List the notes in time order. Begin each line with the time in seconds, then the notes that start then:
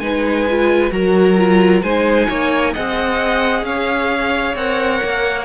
0.00 G#3 D#4 B4 G#5
0.50 F4
0.91 F#3 F#4 A#4 A#5
1.38 F4
1.83 G#3 D#4 C5 G#5
2.29 A#3 C#5
2.73 C4 G#4 D#5 F#5
3.63 C#4 C#5 F5
4.55 C4 A#4 F#5
5.04 A#3